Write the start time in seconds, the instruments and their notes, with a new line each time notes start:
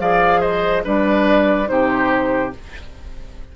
0.00 bassoon F3, clarinet G#4, oboe D5, flute F5
0.41 oboe C5, flute D#5
0.84 bassoon G3, clarinet D4, oboe B4, flute D5
1.66 bassoon C3, clarinet D#4, oboe G4, flute C5